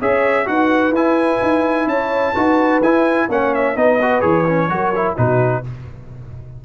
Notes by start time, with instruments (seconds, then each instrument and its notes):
0.00 tuba C#4, trombone G#4, horn C#5, trumpet E5
0.45 tuba D#4, trombone F#4, horn B4, trumpet F#5
0.91 tuba E4, trombone E4, trumpet G#5
1.42 tuba D#4
1.86 tuba C#4, horn C#5, trumpet A5
2.32 tuba D#4, trombone F#4, horn B4
2.81 tuba E4, trombone E4, trumpet G#5
3.29 tuba A#3, trombone C#4, horn C#5, trumpet F#5
3.54 trumpet E5
3.76 tuba B3, trombone D#4, horn B4, trumpet D#5
4.02 trombone F#4
4.21 tuba E3, trombone G#4, trumpet C#5
4.48 trombone C#4
4.68 tuba F#3, trombone F#4, horn A#4
4.95 trombone E4
5.16 tuba B2, trombone D#4, horn F#4, trumpet B4